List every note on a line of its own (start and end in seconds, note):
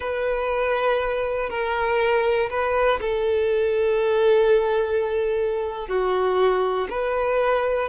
0.00 1.49 B4
1.49 2.49 A#4
2.50 3.00 B4
3.00 5.88 A4
5.88 6.88 F#4
6.89 7.88 B4